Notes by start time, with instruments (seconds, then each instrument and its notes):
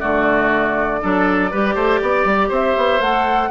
0.00 bassoon D3, clarinet A3, oboe F#4, flute D5
1.02 bassoon F#3, clarinet D4, oboe A4
1.51 bassoon G3, clarinet G4, oboe B4
1.75 bassoon A3, oboe C5
2.02 bassoon B3, oboe D5
2.25 bassoon G3
2.49 bassoon C4, oboe C5, flute E5
2.77 bassoon B3
3.00 bassoon A3, clarinet A4, flute F#5